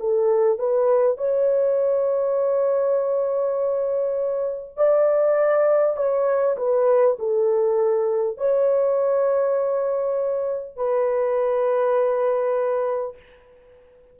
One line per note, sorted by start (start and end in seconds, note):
0.00 0.59 A4
0.59 1.18 B4
1.18 4.77 C#5
4.77 5.97 D5
5.97 6.57 C#5
6.58 7.18 B4
7.19 8.38 A4
8.38 10.77 C#5
10.77 13.17 B4